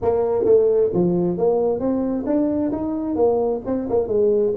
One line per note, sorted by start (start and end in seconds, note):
0.01 0.44 A#3
0.44 0.90 A3
0.93 1.37 F3
1.37 1.79 A#3
1.79 2.25 C4
2.26 2.71 D4
2.72 3.15 D#4
3.15 3.61 A#3
3.65 3.88 C4
3.89 4.07 A#3
4.07 4.53 G#3